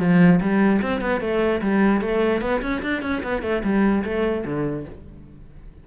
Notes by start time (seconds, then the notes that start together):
0.00 F3
0.42 G3
0.82 C4
1.01 B3
1.21 A3
1.62 G3
2.02 A3
2.42 B3
2.62 C#4
2.83 D4
3.03 C#4
3.24 B3
3.43 A3
3.64 G3
4.05 A3
4.46 D3